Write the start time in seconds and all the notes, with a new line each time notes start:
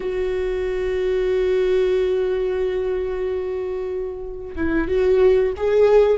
0.00 F#4
4.55 E4
4.88 F#4
5.56 G#4